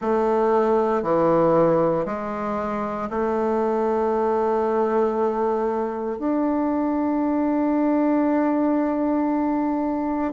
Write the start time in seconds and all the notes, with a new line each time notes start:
0.01 A3
1.03 E3
2.05 G#3
3.10 A3
6.18 D4